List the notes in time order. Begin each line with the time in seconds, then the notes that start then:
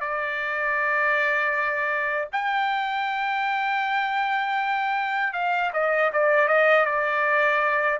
0.00 D5
2.32 G5
5.33 F5
5.73 D#5
6.12 D5
6.48 D#5
6.85 D5